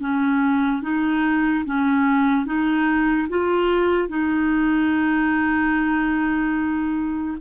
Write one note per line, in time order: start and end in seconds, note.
0.00 0.82 C#4
0.82 1.64 D#4
1.65 2.45 C#4
2.45 3.28 D#4
3.29 4.08 F4
4.08 7.37 D#4